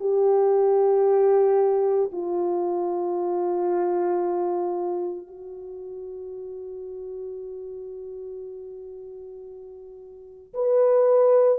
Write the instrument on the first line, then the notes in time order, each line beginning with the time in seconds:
horn
0.00 G4
2.12 F4
5.27 F#4
10.54 B4